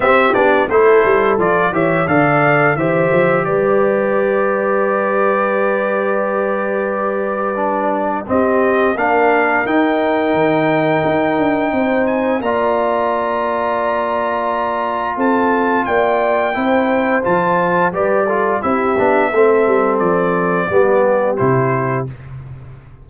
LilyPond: <<
  \new Staff \with { instrumentName = "trumpet" } { \time 4/4 \tempo 4 = 87 e''8 d''8 c''4 d''8 e''8 f''4 | e''4 d''2.~ | d''1 | dis''4 f''4 g''2~ |
g''4. gis''8 ais''2~ | ais''2 a''4 g''4~ | g''4 a''4 d''4 e''4~ | e''4 d''2 c''4 | }
  \new Staff \with { instrumentName = "horn" } { \time 4/4 g'4 a'4. cis''8 d''4 | c''4 b'2.~ | b'1 | g'4 ais'2.~ |
ais'4 c''4 d''2~ | d''2 a'4 d''4 | c''2 b'8 a'8 g'4 | a'2 g'2 | }
  \new Staff \with { instrumentName = "trombone" } { \time 4/4 c'8 d'8 e'4 f'8 g'8 a'4 | g'1~ | g'2. d'4 | c'4 d'4 dis'2~ |
dis'2 f'2~ | f'1 | e'4 f'4 g'8 f'8 e'8 d'8 | c'2 b4 e'4 | }
  \new Staff \with { instrumentName = "tuba" } { \time 4/4 c'8 b8 a8 g8 f8 e8 d4 | e8 f8 g2.~ | g1 | c'4 ais4 dis'4 dis4 |
dis'8 d'8 c'4 ais2~ | ais2 c'4 ais4 | c'4 f4 g4 c'8 b8 | a8 g8 f4 g4 c4 | }
>>